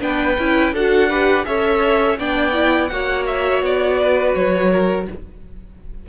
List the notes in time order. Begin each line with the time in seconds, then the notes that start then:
0.00 B3 D4 B4 G5
0.38 C#4 E4
0.73 D4 F#4 A4 F#5
1.10 G4 B4
1.46 C#4 A4 C#5 E5
2.19 B3 D4 D5 G5
2.53 E4
2.88 A#3 F#4 C#5 F#5
3.27 E5
3.63 B3 D5
4.01 B4
4.35 F#3 C#5
4.71 A#4